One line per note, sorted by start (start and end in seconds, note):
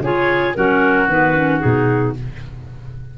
0.00 0.54 C#3
0.00 0.55 F4
0.00 0.57 G#4
0.00 0.55 C#5
0.55 1.08 F#3
0.55 1.09 C#4
0.55 2.18 F#4
0.55 1.08 A#4
1.08 1.61 D#3
1.08 1.35 B3
1.08 1.60 B4
1.35 1.61 C#4
1.60 2.18 B2
1.60 2.14 D#4
1.60 2.14 G#4